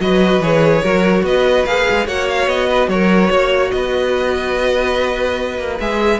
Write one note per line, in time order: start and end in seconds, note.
0.00 0.39 F#3
0.00 0.42 F#4
0.00 0.82 B4
0.00 0.42 D#5
0.39 0.81 E3
0.39 0.83 G#4
0.39 1.25 C#5
0.82 1.23 F#3
0.82 1.66 F#4
0.82 1.23 A#4
1.23 1.64 B3
1.23 2.06 B4
1.23 1.65 D#5
1.65 1.86 A#3
1.65 2.07 G#4
1.65 2.07 F5
1.90 2.07 G#3
2.06 2.47 A#3
2.06 5.79 F#4
2.06 2.68 C#5
2.06 2.28 F#5
2.29 2.48 F5
2.47 2.88 B3
2.47 2.89 D#5
2.68 2.89 B4
2.88 3.29 F#3
2.88 3.30 A#4
2.88 3.71 C#5
3.30 3.72 A#3
3.30 3.72 C#5
3.71 5.58 B3
3.71 6.19 B4
3.71 5.78 D#5
5.58 5.79 A#3
5.80 6.19 G#3
5.80 6.19 G#4
5.80 6.19 E5